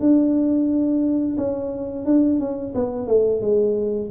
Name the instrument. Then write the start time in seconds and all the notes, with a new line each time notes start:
tuba
0.00 D4
1.37 C#4
2.05 D4
2.40 C#4
2.75 B3
3.07 A3
3.42 G#3